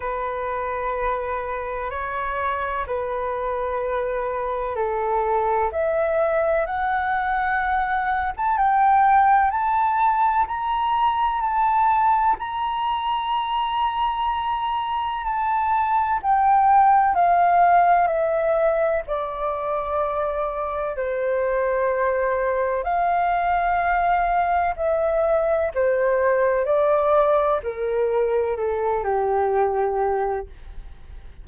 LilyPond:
\new Staff \with { instrumentName = "flute" } { \time 4/4 \tempo 4 = 63 b'2 cis''4 b'4~ | b'4 a'4 e''4 fis''4~ | fis''8. a''16 g''4 a''4 ais''4 | a''4 ais''2. |
a''4 g''4 f''4 e''4 | d''2 c''2 | f''2 e''4 c''4 | d''4 ais'4 a'8 g'4. | }